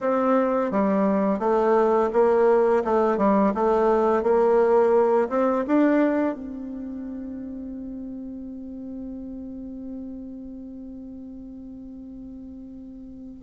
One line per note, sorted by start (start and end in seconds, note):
0.00 0.71 C4
0.71 1.39 G3
1.39 2.10 A3
2.12 2.83 A#3
2.84 3.17 A3
3.17 3.53 G3
3.54 4.23 A3
4.23 5.28 A#3
5.29 5.64 C4
5.67 6.34 D4
6.34 13.40 C4